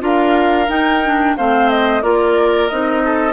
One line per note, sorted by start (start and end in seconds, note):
0.00 0.69 D4
0.00 0.67 F4
0.00 1.37 A#4
0.00 0.70 F5
0.68 1.01 D#4
0.68 1.36 D#4
0.68 1.37 G5
1.05 1.38 D4
1.37 2.03 A3
1.37 2.03 C4
1.37 2.03 C5
1.37 1.70 F5
1.70 2.02 D#5
2.02 2.70 A#3
2.02 2.69 F4
2.02 3.03 A#4
2.02 2.69 D5
2.69 3.34 C4
2.69 3.34 D#4
2.69 3.34 D#5
3.05 3.34 A4